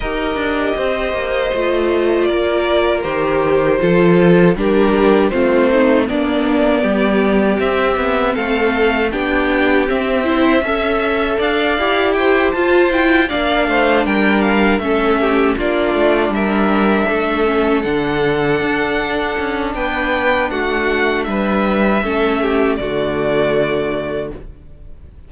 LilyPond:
<<
  \new Staff \with { instrumentName = "violin" } { \time 4/4 \tempo 4 = 79 dis''2. d''4 | c''2 ais'4 c''4 | d''2 e''4 f''4 | g''4 e''2 f''4 |
g''8 a''8 g''8 f''4 g''8 f''8 e''8~ | e''8 d''4 e''2 fis''8~ | fis''2 g''4 fis''4 | e''2 d''2 | }
  \new Staff \with { instrumentName = "violin" } { \time 4/4 ais'4 c''2 ais'4~ | ais'4 a'4 g'4 f'8 dis'8 | d'4 g'2 a'4 | g'4. c''8 e''4 d''4 |
c''4. d''8 c''8 ais'4 a'8 | g'8 f'4 ais'4 a'4.~ | a'2 b'4 fis'4 | b'4 a'8 g'8 fis'2 | }
  \new Staff \with { instrumentName = "viola" } { \time 4/4 g'2 f'2 | g'4 f'4 d'4 c'4 | b2 c'2 | d'4 c'8 e'8 a'4. g'8~ |
g'8 f'8 e'8 d'2 cis'8~ | cis'8 d'2~ d'8 cis'8 d'8~ | d'1~ | d'4 cis'4 a2 | }
  \new Staff \with { instrumentName = "cello" } { \time 4/4 dis'8 d'8 c'8 ais8 a4 ais4 | dis4 f4 g4 a4 | ais4 g4 c'8 b8 a4 | b4 c'4 cis'4 d'8 e'8~ |
e'8 f'4 ais8 a8 g4 a8~ | a8 ais8 a8 g4 a4 d8~ | d8 d'4 cis'8 b4 a4 | g4 a4 d2 | }
>>